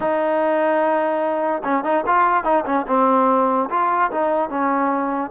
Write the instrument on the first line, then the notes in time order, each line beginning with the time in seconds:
trombone
0.00 D#4
1.64 C#4
1.84 D#4
2.06 F4
2.43 D#4
2.65 C#4
2.87 C4
3.69 F4
4.11 D#4
4.49 C#4